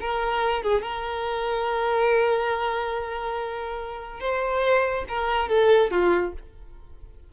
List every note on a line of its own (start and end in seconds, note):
0.00 0.62 A#4
0.62 0.82 G#4
0.82 4.20 A#4
4.20 5.04 C5
5.08 5.49 A#4
5.49 5.90 A4
5.90 6.33 F4